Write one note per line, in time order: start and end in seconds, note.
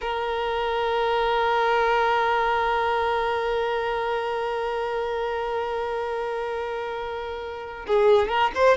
0.01 7.86 A#4
7.87 8.28 G#4
8.28 8.51 A#4
8.54 8.77 C5